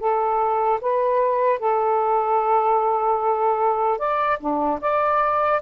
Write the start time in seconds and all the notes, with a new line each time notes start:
0.00 A4
0.81 B4
1.59 A4
3.99 D5
4.40 D4
4.81 D5